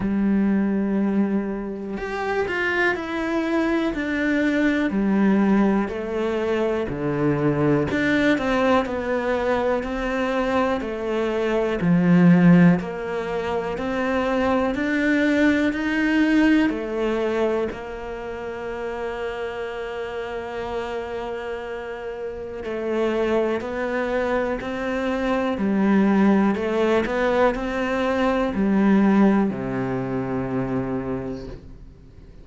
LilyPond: \new Staff \with { instrumentName = "cello" } { \time 4/4 \tempo 4 = 61 g2 g'8 f'8 e'4 | d'4 g4 a4 d4 | d'8 c'8 b4 c'4 a4 | f4 ais4 c'4 d'4 |
dis'4 a4 ais2~ | ais2. a4 | b4 c'4 g4 a8 b8 | c'4 g4 c2 | }